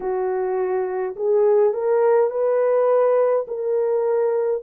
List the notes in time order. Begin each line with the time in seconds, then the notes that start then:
0.00 F#4
1.15 G#4
1.73 A#4
2.30 B4
3.47 A#4